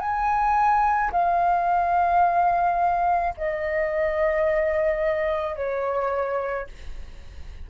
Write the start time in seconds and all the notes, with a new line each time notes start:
0.00 G#5
1.12 F5
3.37 D#5
5.56 C#5